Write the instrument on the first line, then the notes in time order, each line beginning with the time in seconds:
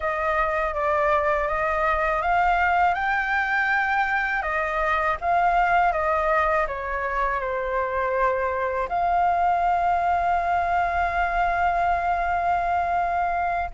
flute
0.00 D#5
0.74 D5
1.47 D#5
2.22 F5
2.94 G5
4.42 D#5
5.21 F5
5.92 D#5
6.67 C#5
7.40 C5
8.89 F5